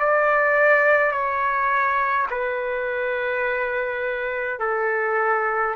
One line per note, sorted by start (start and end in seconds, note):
0.00 1.12 D5
1.12 2.27 C#5
2.31 4.59 B4
4.59 5.75 A4